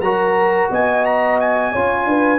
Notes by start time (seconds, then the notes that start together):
0.00 F#3 F#4 A#4 A#5
0.70 B3 D#5 G#5
1.05 A#5
1.40 G#5
1.72 C#4 F4 C#5
2.05 D4 B4